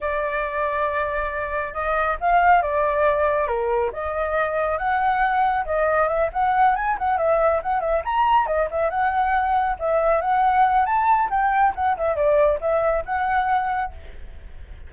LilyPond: \new Staff \with { instrumentName = "flute" } { \time 4/4 \tempo 4 = 138 d''1 | dis''4 f''4 d''2 | ais'4 dis''2 fis''4~ | fis''4 dis''4 e''8 fis''4 gis''8 |
fis''8 e''4 fis''8 e''8 ais''4 dis''8 | e''8 fis''2 e''4 fis''8~ | fis''4 a''4 g''4 fis''8 e''8 | d''4 e''4 fis''2 | }